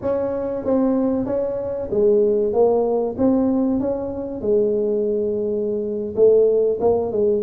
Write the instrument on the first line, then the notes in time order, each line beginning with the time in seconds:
tuba
0.01 C#4
0.64 C4
1.26 C#4
1.90 G#3
2.53 A#3
3.18 C4
3.80 C#4
4.41 G#3
6.16 A3
6.80 A#3
7.12 G#3